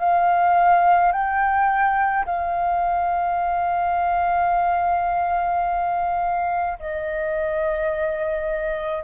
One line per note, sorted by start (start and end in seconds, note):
0.00 1.12 F5
1.12 2.25 G5
2.26 6.79 F5
6.80 9.05 D#5